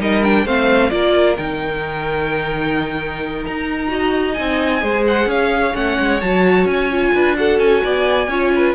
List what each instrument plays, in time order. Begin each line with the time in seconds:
0.00 cello G3, viola D#4, violin A#4 D#5
0.23 viola D4, violin G5
0.45 cello A3, viola C4, violin C5 F5
0.90 cello A#3, viola F4, violin A#4 D5
1.37 cello D#3, viola D#4, violin G5
3.45 cello D#4, violin A#5
3.88 viola F#4, violin D#5
4.34 cello C4, viola D#4, violin G#5
4.81 cello G#3, viola G#4, violin C5
5.07 violin F#5
5.26 cello C#4, violin C#5 F5
5.73 cello A3, viola C#4, violin F#5
6.00 cello G#3
6.21 cello F#3, viola F#4, violin A5
6.65 cello C#4, violin G#5
6.91 viola F4
7.14 cello D4, violin B4
7.36 viola F#4, violin A4 F#5
7.59 cello C#4, violin G#5
7.84 cello B3, violin D5
8.28 cello C#4, viola F4, violin C#5
8.55 violin B4